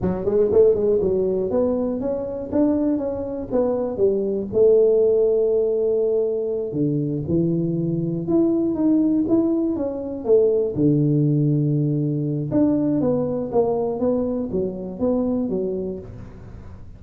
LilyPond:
\new Staff \with { instrumentName = "tuba" } { \time 4/4 \tempo 4 = 120 fis8 gis8 a8 gis8 fis4 b4 | cis'4 d'4 cis'4 b4 | g4 a2.~ | a4. d4 e4.~ |
e8 e'4 dis'4 e'4 cis'8~ | cis'8 a4 d2~ d8~ | d4 d'4 b4 ais4 | b4 fis4 b4 fis4 | }